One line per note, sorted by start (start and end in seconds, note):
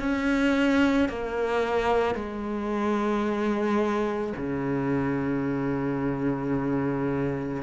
0.00 1.09 C#4
1.09 2.15 A#3
2.15 4.33 G#3
4.37 7.63 C#3